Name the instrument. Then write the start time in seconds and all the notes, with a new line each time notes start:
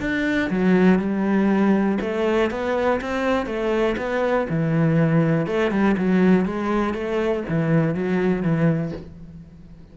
cello
0.00 D4
0.50 F#3
0.99 G3
2.01 A3
2.50 B3
3.01 C4
3.46 A3
3.97 B3
4.49 E3
5.46 A3
5.71 G3
5.97 F#3
6.45 G#3
6.94 A3
7.48 E3
7.94 F#3
8.42 E3